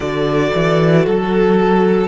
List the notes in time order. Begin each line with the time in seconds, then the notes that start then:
0.00 D3 F#4 A4 D5
0.54 E3
1.06 F#3 A4